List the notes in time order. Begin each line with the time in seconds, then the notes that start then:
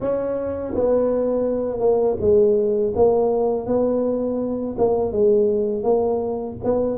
0.00 C#4
0.74 B3
1.79 A#3
2.20 G#3
2.95 A#3
3.66 B3
4.78 A#3
5.12 G#3
5.83 A#3
6.64 B3